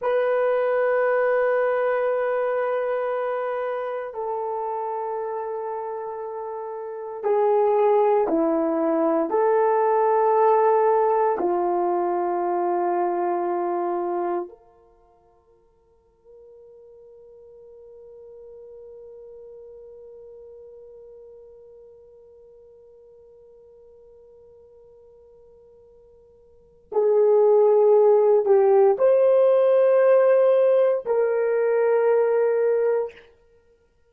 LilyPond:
\new Staff \with { instrumentName = "horn" } { \time 4/4 \tempo 4 = 58 b'1 | a'2. gis'4 | e'4 a'2 f'4~ | f'2 ais'2~ |
ais'1~ | ais'1~ | ais'2 gis'4. g'8 | c''2 ais'2 | }